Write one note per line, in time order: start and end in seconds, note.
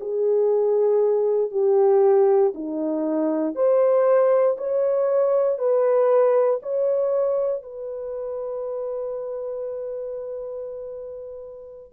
0.00 1.51 G#4
1.51 2.53 G4
2.54 3.55 D#4
3.55 4.57 C5
4.57 5.58 C#5
5.58 6.60 B4
6.62 7.63 C#5
7.63 11.92 B4